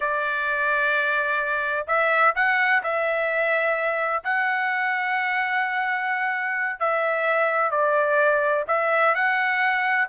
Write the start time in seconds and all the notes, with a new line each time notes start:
0.00 D5
1.87 E5
2.35 F#5
2.83 E5
4.24 F#5
6.79 E5
7.70 D5
8.67 E5
9.14 F#5